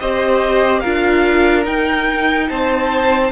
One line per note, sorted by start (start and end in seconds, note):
0.00 0.84 C4
0.00 0.84 G4
0.00 0.80 C5
0.00 0.79 D#5
0.79 1.66 D4
0.79 1.64 F4
0.79 2.47 A#4
0.79 1.63 F5
1.64 3.31 D#4
1.64 2.49 D#4
1.64 2.49 G5
2.49 3.32 C4
2.49 3.32 C5
2.49 3.32 A5